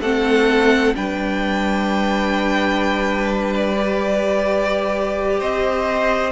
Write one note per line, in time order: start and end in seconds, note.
0.00 0.94 A3
0.00 0.95 C4
0.00 0.94 A4
0.00 0.95 F#5
0.95 5.41 G3
0.95 3.76 D4
0.95 5.39 B4
0.95 3.54 G5
3.55 5.41 D5
3.77 6.32 G4
5.39 6.32 C4
5.39 6.32 C5
5.39 6.32 D#5